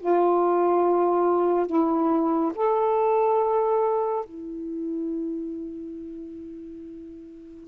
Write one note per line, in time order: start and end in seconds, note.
0.00 1.67 F4
1.67 2.53 E4
2.55 4.26 A4
4.26 7.69 E4